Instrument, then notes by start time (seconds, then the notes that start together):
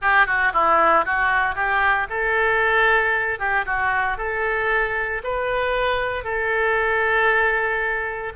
oboe
0.01 G4
0.26 F#4
0.53 E4
1.05 F#4
1.55 G4
2.09 A4
3.39 G4
3.65 F#4
4.17 A4
5.23 B4
6.24 A4